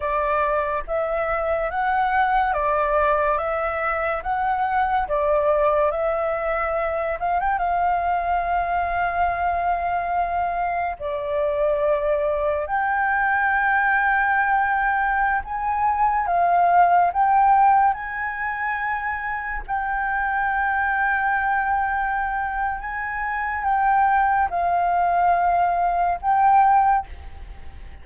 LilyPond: \new Staff \with { instrumentName = "flute" } { \time 4/4 \tempo 4 = 71 d''4 e''4 fis''4 d''4 | e''4 fis''4 d''4 e''4~ | e''8 f''16 g''16 f''2.~ | f''4 d''2 g''4~ |
g''2~ g''16 gis''4 f''8.~ | f''16 g''4 gis''2 g''8.~ | g''2. gis''4 | g''4 f''2 g''4 | }